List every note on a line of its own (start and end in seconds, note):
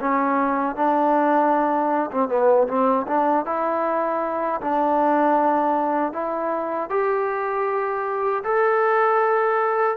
0.00 0.76 C#4
0.76 2.10 D4
2.12 2.29 C4
2.29 2.67 B3
2.68 3.07 C4
3.07 3.45 D4
3.45 4.61 E4
4.61 6.13 D4
6.13 6.90 E4
6.90 8.44 G4
8.44 9.97 A4